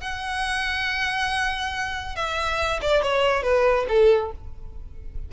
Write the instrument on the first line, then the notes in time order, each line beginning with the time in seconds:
violin
0.00 F#5
2.15 E5
2.81 D5
3.02 C#5
3.43 B4
3.88 A4